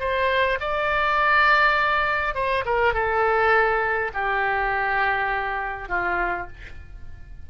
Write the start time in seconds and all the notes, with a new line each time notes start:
0.00 C5
0.61 D5
2.35 C5
2.66 A#4
2.94 A4
4.14 G4
5.89 F4